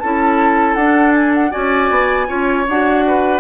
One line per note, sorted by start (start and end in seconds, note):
0.00 0.75 C#4
0.00 0.80 E4
0.00 1.51 A4
0.00 0.75 A5
0.75 1.51 D4
0.75 1.12 F#5
1.14 1.33 G#5
1.34 1.52 F#5
1.51 1.90 C#4
1.51 2.27 F#4
1.51 2.27 D5
1.51 2.66 G#5
1.90 2.28 B3
2.27 2.67 C#4
2.27 2.65 F4
2.27 3.04 C#5
2.68 3.40 D4
2.68 3.40 F#4
2.68 3.40 F#5
3.07 3.40 B4